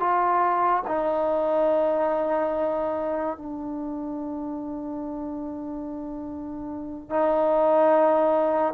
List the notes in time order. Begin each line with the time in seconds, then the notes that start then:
0.00 F4
0.87 D#4
3.37 D4
7.10 D#4